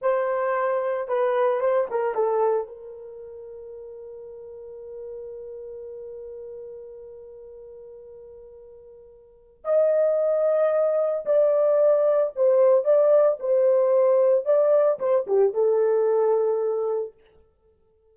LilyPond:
\new Staff \with { instrumentName = "horn" } { \time 4/4 \tempo 4 = 112 c''2 b'4 c''8 ais'8 | a'4 ais'2.~ | ais'1~ | ais'1~ |
ais'2 dis''2~ | dis''4 d''2 c''4 | d''4 c''2 d''4 | c''8 g'8 a'2. | }